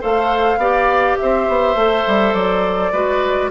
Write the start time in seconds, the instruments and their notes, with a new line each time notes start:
0.00 bassoon A3, clarinet A4, oboe C5, flute F5
0.57 bassoon B3, clarinet G4, oboe D5
1.18 bassoon C4, oboe C5, flute E5
1.48 bassoon B3
1.75 bassoon A3, clarinet A4
2.07 bassoon G3
2.34 bassoon F#3, flute D5
2.93 bassoon G#3, clarinet F#4, oboe B4